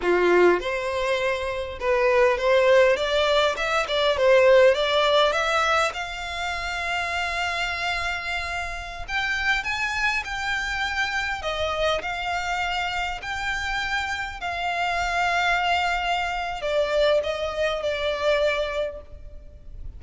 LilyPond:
\new Staff \with { instrumentName = "violin" } { \time 4/4 \tempo 4 = 101 f'4 c''2 b'4 | c''4 d''4 e''8 d''8 c''4 | d''4 e''4 f''2~ | f''2.~ f''16 g''8.~ |
g''16 gis''4 g''2 dis''8.~ | dis''16 f''2 g''4.~ g''16~ | g''16 f''2.~ f''8. | d''4 dis''4 d''2 | }